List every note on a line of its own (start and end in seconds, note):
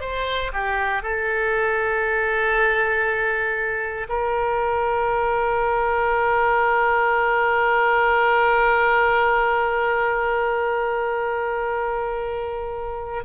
0.00 0.51 C5
0.53 1.02 G4
1.02 4.07 A4
4.09 13.24 A#4